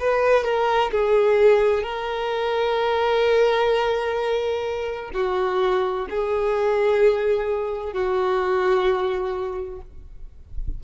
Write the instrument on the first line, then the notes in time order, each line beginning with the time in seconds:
violin
0.00 B4
0.44 A#4
0.92 G#4
1.83 A#4
5.13 F#4
6.10 G#4
7.93 F#4